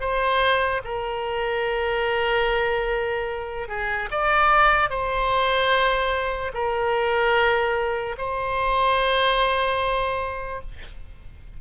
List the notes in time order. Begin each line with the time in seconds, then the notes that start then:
0.00 C5
0.84 A#4
3.68 G#4
4.11 D5
4.89 C5
6.53 A#4
8.17 C5